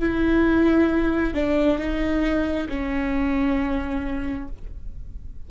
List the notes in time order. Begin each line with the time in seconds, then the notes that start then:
0.00 E4
1.34 D4
1.78 D#4
2.69 C#4